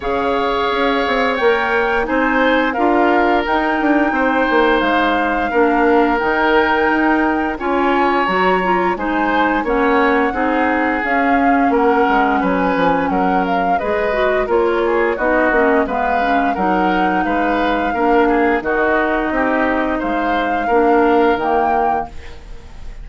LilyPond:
<<
  \new Staff \with { instrumentName = "flute" } { \time 4/4 \tempo 4 = 87 f''2 g''4 gis''4 | f''4 g''2 f''4~ | f''4 g''2 gis''4 | ais''4 gis''4 fis''2 |
f''4 fis''4 gis''4 fis''8 f''8 | dis''4 cis''4 dis''4 f''4 | fis''4 f''2 dis''4~ | dis''4 f''2 g''4 | }
  \new Staff \with { instrumentName = "oboe" } { \time 4/4 cis''2. c''4 | ais'2 c''2 | ais'2. cis''4~ | cis''4 c''4 cis''4 gis'4~ |
gis'4 ais'4 b'4 ais'4 | b'4 ais'8 gis'8 fis'4 b'4 | ais'4 b'4 ais'8 gis'8 fis'4 | g'4 c''4 ais'2 | }
  \new Staff \with { instrumentName = "clarinet" } { \time 4/4 gis'2 ais'4 dis'4 | f'4 dis'2. | d'4 dis'2 f'4 | fis'8 f'8 dis'4 cis'4 dis'4 |
cis'1 | gis'8 fis'8 f'4 dis'8 cis'8 b8 cis'8 | dis'2 d'4 dis'4~ | dis'2 d'4 ais4 | }
  \new Staff \with { instrumentName = "bassoon" } { \time 4/4 cis4 cis'8 c'8 ais4 c'4 | d'4 dis'8 d'8 c'8 ais8 gis4 | ais4 dis4 dis'4 cis'4 | fis4 gis4 ais4 c'4 |
cis'4 ais8 gis8 fis8 f8 fis4 | gis4 ais4 b8 ais8 gis4 | fis4 gis4 ais4 dis4 | c'4 gis4 ais4 dis4 | }
>>